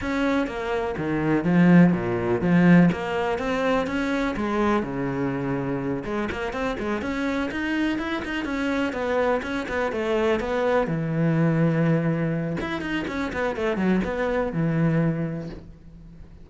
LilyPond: \new Staff \with { instrumentName = "cello" } { \time 4/4 \tempo 4 = 124 cis'4 ais4 dis4 f4 | ais,4 f4 ais4 c'4 | cis'4 gis4 cis2~ | cis8 gis8 ais8 c'8 gis8 cis'4 dis'8~ |
dis'8 e'8 dis'8 cis'4 b4 cis'8 | b8 a4 b4 e4.~ | e2 e'8 dis'8 cis'8 b8 | a8 fis8 b4 e2 | }